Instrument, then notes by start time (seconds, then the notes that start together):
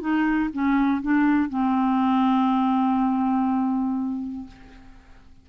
clarinet
0.00 D#4
0.53 C#4
1.01 D4
1.49 C4